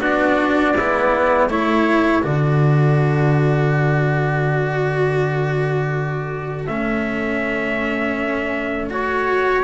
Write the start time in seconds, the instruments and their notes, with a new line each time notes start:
0.00 double bass B3, cello D4, trumpet F#4 D5
0.74 double bass G#3, trumpet E4
0.80 cello B3
1.48 double bass A3, cello E4, trumpet A4 C#5
2.23 double bass D3, cello F#4, trumpet D5
6.67 double bass A3, cello C#4, trumpet E5
8.90 cello F#4, trumpet C#5